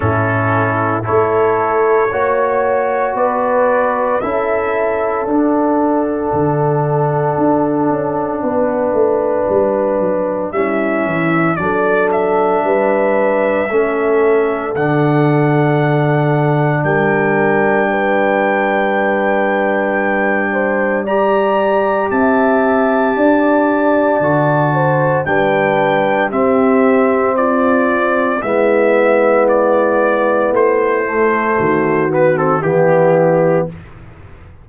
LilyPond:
<<
  \new Staff \with { instrumentName = "trumpet" } { \time 4/4 \tempo 4 = 57 a'4 cis''2 d''4 | e''4 fis''2.~ | fis''2 e''4 d''8 e''8~ | e''2 fis''2 |
g''1 | ais''4 a''2. | g''4 e''4 d''4 e''4 | d''4 c''4. b'16 a'16 g'4 | }
  \new Staff \with { instrumentName = "horn" } { \time 4/4 e'4 a'4 cis''4 b'4 | a'1 | b'2 e'4 a'4 | b'4 a'2. |
ais'4 b'2~ b'8 c''8 | d''4 e''4 d''4. c''8 | b'4 g'4 f'4 e'4~ | e'2 fis'4 e'4 | }
  \new Staff \with { instrumentName = "trombone" } { \time 4/4 cis'4 e'4 fis'2 | e'4 d'2.~ | d'2 cis'4 d'4~ | d'4 cis'4 d'2~ |
d'1 | g'2. fis'4 | d'4 c'2 b4~ | b4. a4 b16 c'16 b4 | }
  \new Staff \with { instrumentName = "tuba" } { \time 4/4 a,4 a4 ais4 b4 | cis'4 d'4 d4 d'8 cis'8 | b8 a8 g8 fis8 g8 e8 fis4 | g4 a4 d2 |
g1~ | g4 c'4 d'4 d4 | g4 c'2 gis4~ | gis4 a4 dis4 e4 | }
>>